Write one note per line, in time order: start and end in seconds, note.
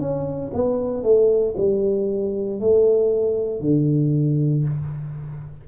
0.00 0.52 C#4
0.54 1.03 B3
1.03 1.55 A3
1.58 2.61 G3
2.61 3.61 A3
3.61 4.64 D3